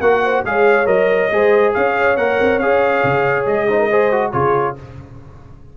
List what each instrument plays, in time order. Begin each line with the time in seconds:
0.00 tuba A#3, trombone F#4, horn A#4, trumpet F#5
0.23 horn C5
0.44 tuba G#3, trombone G#4, horn C#5, trumpet F5
0.85 tuba F#3, trombone A#4, trumpet D#5
1.31 tuba G#3, trombone G#4, horn C5
1.74 tuba C#4, horn C#5, trumpet F5
2.16 tuba A#3, trombone A#4, trumpet F#5
2.40 tuba C4
2.59 tuba C#4, trombone G#4, trumpet F5
3.03 tuba C#3
3.46 tuba G#3, trumpet D#5
3.68 trombone D#4, horn C5
3.79 horn A#4
3.89 trombone G#4, horn C5
4.11 trombone F#4
4.31 tuba C#3, trombone F4, horn G#4, trumpet C#5